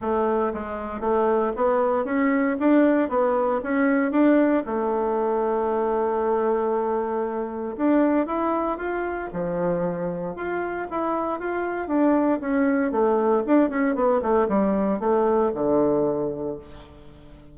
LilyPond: \new Staff \with { instrumentName = "bassoon" } { \time 4/4 \tempo 4 = 116 a4 gis4 a4 b4 | cis'4 d'4 b4 cis'4 | d'4 a2.~ | a2. d'4 |
e'4 f'4 f2 | f'4 e'4 f'4 d'4 | cis'4 a4 d'8 cis'8 b8 a8 | g4 a4 d2 | }